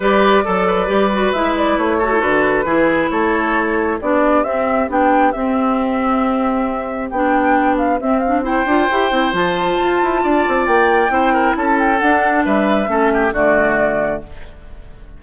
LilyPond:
<<
  \new Staff \with { instrumentName = "flute" } { \time 4/4 \tempo 4 = 135 d''2. e''8 d''8 | cis''4 b'2 cis''4~ | cis''4 d''4 e''4 g''4 | e''1 |
g''4. f''8 e''8 f''8 g''4~ | g''4 a''2. | g''2 a''8 g''8 fis''4 | e''2 d''2 | }
  \new Staff \with { instrumentName = "oboe" } { \time 4/4 b'4 a'8 b'2~ b'8~ | b'8 a'4. gis'4 a'4~ | a'4 g'2.~ | g'1~ |
g'2. c''4~ | c''2. d''4~ | d''4 c''8 ais'8 a'2 | b'4 a'8 g'8 fis'2 | }
  \new Staff \with { instrumentName = "clarinet" } { \time 4/4 g'4 a'4 g'8 fis'8 e'4~ | e'8 fis'16 e'16 fis'4 e'2~ | e'4 d'4 c'4 d'4 | c'1 |
d'2 c'8 d'8 e'8 f'8 | g'8 e'8 f'2.~ | f'4 e'2 d'4~ | d'4 cis'4 a2 | }
  \new Staff \with { instrumentName = "bassoon" } { \time 4/4 g4 fis4 g4 gis4 | a4 d4 e4 a4~ | a4 b4 c'4 b4 | c'1 |
b2 c'4. d'8 | e'8 c'8 f4 f'8 e'8 d'8 c'8 | ais4 c'4 cis'4 d'4 | g4 a4 d2 | }
>>